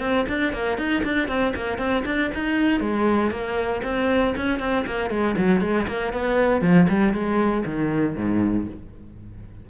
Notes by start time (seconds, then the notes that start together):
0.00 C4
0.29 D4
0.53 A#3
0.78 D#4
1.04 D4
1.28 C4
1.56 A#3
1.79 C4
2.06 D4
2.34 D#4
2.80 G#3
3.31 A#3
3.84 C4
4.37 C#4
4.60 C4
4.87 A#3
5.10 G#3
5.37 F#3
5.61 G#3
5.88 A#3
6.13 B3
6.62 F3
6.89 G3
7.14 G#3
7.65 D#3
8.16 G#2